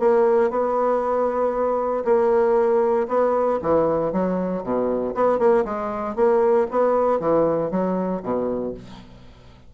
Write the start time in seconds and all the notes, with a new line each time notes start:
0.00 A#3
0.51 B3
2.05 A#3
3.08 B3
3.62 E3
4.13 F#3
4.63 B2
5.15 B3
5.39 A#3
5.65 G#3
6.16 A#3
6.71 B3
7.20 E3
7.71 F#3
8.23 B2